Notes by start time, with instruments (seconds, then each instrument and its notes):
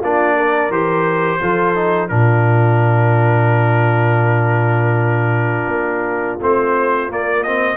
0.00 tuba A#3, trombone D4, horn F4, trumpet D5
0.36 horn A#4
0.70 tuba E3, trombone G4, trumpet C5
1.41 tuba F3, trombone F4, horn A4
1.75 trombone D#4
2.08 tuba A#2, trombone D4, horn F4, trumpet A#4
5.68 tuba A#3
6.41 tuba A3, trombone C4, trumpet C5
7.09 tuba A#3, trombone A#3, trumpet D5
7.43 trombone C4, trumpet D#5